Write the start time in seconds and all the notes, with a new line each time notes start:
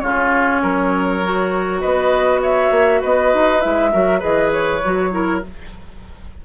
0.00 C#3 C#4 F4 C#5
0.62 F#3 A#4
1.23 F#4
1.81 B3 B4 D#5
2.42 C#5 E5
2.71 A#3
3.01 B3 B4 D#5
3.33 D#4
3.60 G#3 E4 E5
3.92 F#3 F#4 A#4
4.19 E3 G#4 B4 D#5
4.52 C#5
4.84 F#3 F#4
5.11 E4 A#4